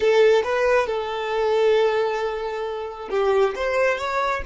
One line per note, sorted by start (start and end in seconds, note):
0.00 0.43 A4
0.43 0.86 B4
0.86 3.09 A4
3.10 3.54 G4
3.55 3.98 C5
3.98 4.42 C#5